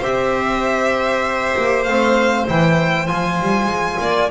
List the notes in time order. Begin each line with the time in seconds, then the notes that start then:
0.00 C4 G4 C5 E5
1.57 A#3
1.83 A3 C4 F5
2.46 E3 E4 G5
3.07 F3 F4 G#5
3.41 G3
3.65 G#3
4.00 A#3 D5